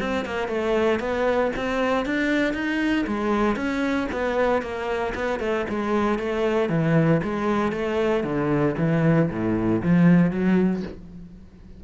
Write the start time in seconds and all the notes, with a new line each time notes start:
0.00 C4
0.26 A#3
0.49 A3
1.00 B3
1.56 C4
2.06 D4
2.54 D#4
3.08 G#3
3.56 C#4
4.13 B3
4.62 A#3
5.15 B3
5.40 A3
5.70 G#3
6.19 A3
6.70 E3
7.24 G#3
7.73 A3
8.24 D3
8.79 E3
9.31 A2
9.83 F3
10.31 F#3